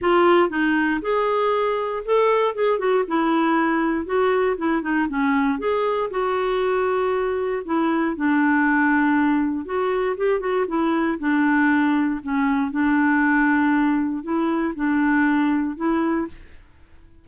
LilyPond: \new Staff \with { instrumentName = "clarinet" } { \time 4/4 \tempo 4 = 118 f'4 dis'4 gis'2 | a'4 gis'8 fis'8 e'2 | fis'4 e'8 dis'8 cis'4 gis'4 | fis'2. e'4 |
d'2. fis'4 | g'8 fis'8 e'4 d'2 | cis'4 d'2. | e'4 d'2 e'4 | }